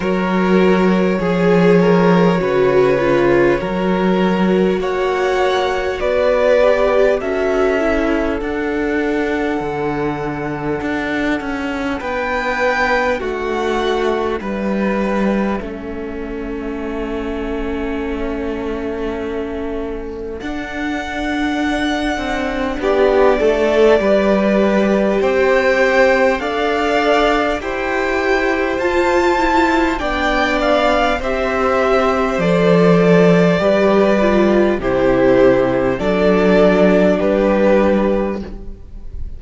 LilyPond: <<
  \new Staff \with { instrumentName = "violin" } { \time 4/4 \tempo 4 = 50 cis''1 | fis''4 d''4 e''4 fis''4~ | fis''2 g''4 fis''4 | e''1~ |
e''4 fis''2 d''4~ | d''4 g''4 f''4 g''4 | a''4 g''8 f''8 e''4 d''4~ | d''4 c''4 d''4 b'4 | }
  \new Staff \with { instrumentName = "violin" } { \time 4/4 ais'4 gis'8 ais'8 b'4 ais'4 | cis''4 b'4 a'2~ | a'2 b'4 fis'4 | b'4 a'2.~ |
a'2. g'8 a'8 | b'4 c''4 d''4 c''4~ | c''4 d''4 c''2 | b'4 g'4 a'4 g'4 | }
  \new Staff \with { instrumentName = "viola" } { \time 4/4 fis'4 gis'4 fis'8 f'8 fis'4~ | fis'4. g'8 fis'8 e'8 d'4~ | d'1~ | d'4 cis'2.~ |
cis'4 d'2. | g'2 a'4 g'4 | f'8 e'8 d'4 g'4 a'4 | g'8 f'8 e'4 d'2 | }
  \new Staff \with { instrumentName = "cello" } { \time 4/4 fis4 f4 cis4 fis4 | ais4 b4 cis'4 d'4 | d4 d'8 cis'8 b4 a4 | g4 a2.~ |
a4 d'4. c'8 b8 a8 | g4 c'4 d'4 e'4 | f'4 b4 c'4 f4 | g4 c4 fis4 g4 | }
>>